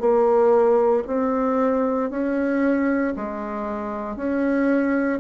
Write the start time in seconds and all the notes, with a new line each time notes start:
0.00 A#3
1.07 C4
2.11 C#4
3.16 G#3
4.16 C#4